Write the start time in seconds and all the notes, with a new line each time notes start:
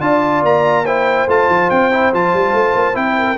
0.00 D4 F4 D5 A5
0.42 A#3 A#5
0.84 E4 C5 G5
1.27 A3 F4 A5
1.49 F3
1.70 C4 G5
1.92 E4
2.13 F3 F4 A5
2.33 G3
2.53 A3
2.74 A#3
2.94 C4 E4 G5
3.18 A#4